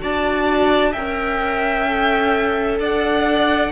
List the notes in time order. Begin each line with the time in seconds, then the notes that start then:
0.00 D4 F#4 D5 A5
0.91 C#4 A#4 E5 G5
1.87 A4
2.79 D4 D5 F#5